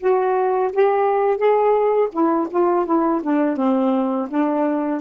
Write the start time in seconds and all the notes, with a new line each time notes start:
0.00 F#4
0.73 G4
1.37 G#4
2.12 E4
2.51 F4
2.86 E4
3.23 D4
3.57 C4
4.30 D4